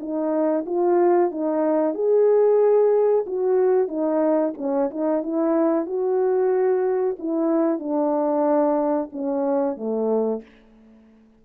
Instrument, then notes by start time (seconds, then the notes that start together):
horn
0.00 D#4
0.66 F4
1.32 D#4
1.95 G#4
3.26 F#4
3.88 D#4
4.58 C#4
4.90 D#4
5.23 E4
5.86 F#4
7.19 E4
7.79 D4
9.12 C#4
9.77 A3